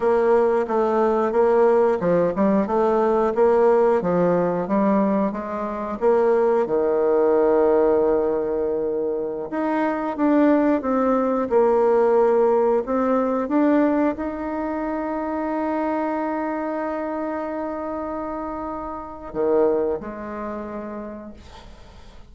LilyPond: \new Staff \with { instrumentName = "bassoon" } { \time 4/4 \tempo 4 = 90 ais4 a4 ais4 f8 g8 | a4 ais4 f4 g4 | gis4 ais4 dis2~ | dis2~ dis16 dis'4 d'8.~ |
d'16 c'4 ais2 c'8.~ | c'16 d'4 dis'2~ dis'8.~ | dis'1~ | dis'4 dis4 gis2 | }